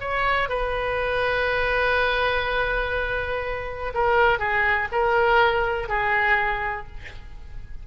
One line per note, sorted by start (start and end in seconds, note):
0.00 0.49 C#5
0.49 3.93 B4
3.94 4.39 A#4
4.39 4.88 G#4
4.92 5.89 A#4
5.89 6.87 G#4